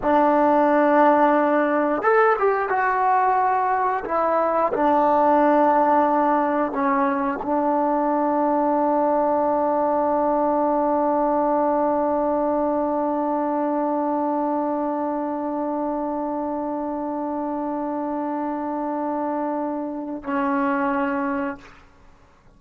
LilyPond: \new Staff \with { instrumentName = "trombone" } { \time 4/4 \tempo 4 = 89 d'2. a'8 g'8 | fis'2 e'4 d'4~ | d'2 cis'4 d'4~ | d'1~ |
d'1~ | d'1~ | d'1~ | d'2 cis'2 | }